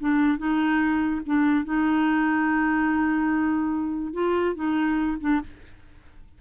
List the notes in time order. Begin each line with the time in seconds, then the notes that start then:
0.00 D4
0.38 D#4
1.26 D4
1.65 D#4
4.14 F4
4.55 D#4
5.21 D4